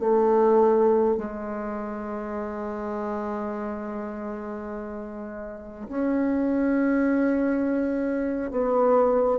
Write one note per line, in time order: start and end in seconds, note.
0.00 1.17 A3
1.17 5.88 G#3
5.89 8.51 C#4
8.51 9.39 B3